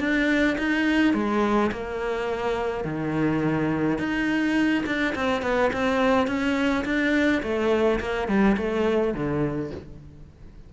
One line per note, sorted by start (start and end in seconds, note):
0.00 0.57 D4
0.58 1.14 D#4
1.14 1.71 G#3
1.72 2.85 A#3
2.85 3.99 D#3
3.99 4.84 D#4
4.86 5.15 D4
5.16 5.43 C4
5.43 5.71 B3
5.73 6.28 C4
6.28 6.85 C#4
6.85 7.42 D4
7.43 8.00 A3
8.00 8.28 A#3
8.28 8.57 G3
8.58 9.15 A3
9.15 9.72 D3